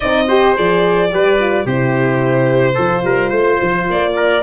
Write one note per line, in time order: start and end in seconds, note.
0.00 0.58 C4
0.00 0.28 D#4
0.00 0.27 D5
0.00 0.55 D#5
0.28 0.55 G4
0.28 1.11 C5
0.55 1.13 F3
0.55 1.10 G#4
0.55 1.66 D5
1.11 1.65 G3
1.11 1.38 G4
1.11 1.65 B4
1.39 1.67 F4
1.65 2.77 C3
1.65 2.76 E4
1.65 2.74 G4
1.65 3.89 C5
2.74 3.04 F3
2.74 4.43 F4
2.74 3.02 A4
3.04 3.31 G3
3.04 3.29 A#4
3.29 3.59 A3
3.29 4.12 C5
3.61 3.89 F3
3.89 4.43 A#3
3.89 4.43 D5
4.15 4.43 A#4